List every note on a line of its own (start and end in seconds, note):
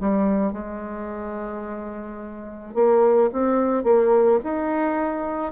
0.00 0.52 G3
0.52 2.74 G#3
2.74 3.30 A#3
3.33 3.84 C4
3.84 4.39 A#3
4.44 5.52 D#4